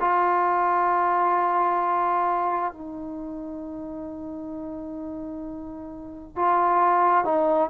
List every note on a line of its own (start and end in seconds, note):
0.00 2.73 F4
2.73 6.36 D#4
6.36 7.25 F4
7.25 7.69 D#4